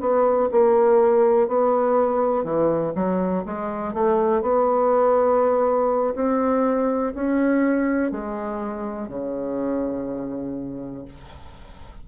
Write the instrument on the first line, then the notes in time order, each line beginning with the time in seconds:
bassoon
0.00 B3
0.51 A#3
1.48 B3
2.43 E3
2.95 F#3
3.45 G#3
3.93 A3
4.42 B3
6.15 C4
7.14 C#4
8.11 G#3
9.08 C#3